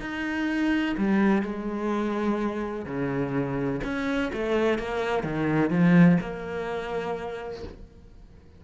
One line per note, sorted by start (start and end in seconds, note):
0.00 0.95 D#4
0.97 1.42 G3
1.42 2.85 G#3
2.85 3.80 C#3
3.84 4.31 C#4
4.33 4.78 A3
4.78 5.23 A#3
5.23 5.70 D#3
5.70 6.18 F3
6.20 7.63 A#3